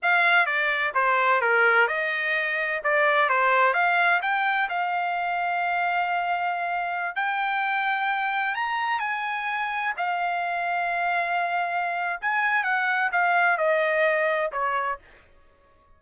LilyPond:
\new Staff \with { instrumentName = "trumpet" } { \time 4/4 \tempo 4 = 128 f''4 d''4 c''4 ais'4 | dis''2 d''4 c''4 | f''4 g''4 f''2~ | f''2.~ f''16 g''8.~ |
g''2~ g''16 ais''4 gis''8.~ | gis''4~ gis''16 f''2~ f''8.~ | f''2 gis''4 fis''4 | f''4 dis''2 cis''4 | }